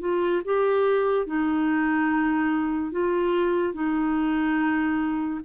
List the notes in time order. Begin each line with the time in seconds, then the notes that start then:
0.00 F4
0.45 G4
1.26 D#4
2.91 F4
3.73 D#4